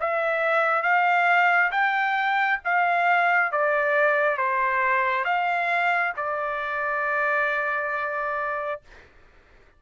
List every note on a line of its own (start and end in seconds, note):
0.00 0.83 E5
0.83 1.70 F5
1.71 2.59 G5
2.65 3.52 F5
3.52 4.38 D5
4.38 5.25 C5
5.25 6.13 F5
6.16 8.81 D5